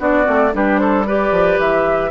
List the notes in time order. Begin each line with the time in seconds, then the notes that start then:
0.00 B3 D4 F#4 D5
0.25 A3 C4
0.53 G3 D4 G4 B4
0.78 A4 C5
1.06 G4 B4 D5
1.32 F3
1.59 E3 E5